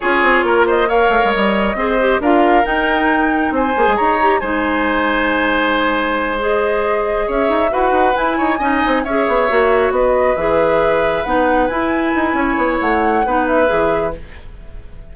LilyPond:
<<
  \new Staff \with { instrumentName = "flute" } { \time 4/4 \tempo 4 = 136 cis''4. dis''8 f''4 dis''4~ | dis''4 f''4 g''2 | gis''4 ais''4 gis''2~ | gis''2~ gis''8 dis''4.~ |
dis''8 e''4 fis''4 gis''4.~ | gis''8 e''2 dis''4 e''8~ | e''4. fis''4 gis''4.~ | gis''4 fis''4. e''4. | }
  \new Staff \with { instrumentName = "oboe" } { \time 4/4 gis'4 ais'8 c''8 cis''2 | c''4 ais'2. | c''4 cis''4 c''2~ | c''1~ |
c''8 cis''4 b'4. cis''8 dis''8~ | dis''8 cis''2 b'4.~ | b'1 | cis''2 b'2 | }
  \new Staff \with { instrumentName = "clarinet" } { \time 4/4 f'2 ais'2 | gis'8 g'8 f'4 dis'2~ | dis'8 gis'4 g'8 dis'2~ | dis'2~ dis'8 gis'4.~ |
gis'4. fis'4 e'4 dis'8~ | dis'8 gis'4 fis'2 gis'8~ | gis'4. dis'4 e'4.~ | e'2 dis'4 gis'4 | }
  \new Staff \with { instrumentName = "bassoon" } { \time 4/4 cis'8 c'8 ais4. a16 gis16 g4 | c'4 d'4 dis'2 | c'8 ais16 gis16 dis'4 gis2~ | gis1~ |
gis8 cis'8 dis'8 e'8 dis'8 e'8 dis'8 cis'8 | c'8 cis'8 b8 ais4 b4 e8~ | e4. b4 e'4 dis'8 | cis'8 b8 a4 b4 e4 | }
>>